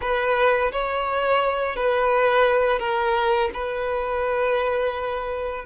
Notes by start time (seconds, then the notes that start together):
0.01 B4
0.72 C#5
1.76 B4
2.79 A#4
3.53 B4